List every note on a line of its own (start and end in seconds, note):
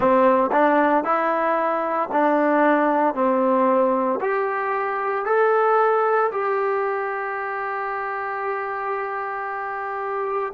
0.00 0.50 C4
0.52 1.04 D4
1.04 2.09 E4
2.11 3.14 D4
3.14 4.19 C4
4.21 5.25 G4
5.25 6.30 A4
6.32 10.53 G4